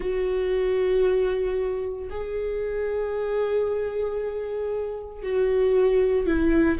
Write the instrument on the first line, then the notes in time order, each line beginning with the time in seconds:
viola
0.00 F#4
2.10 G#4
5.22 F#4
6.26 E4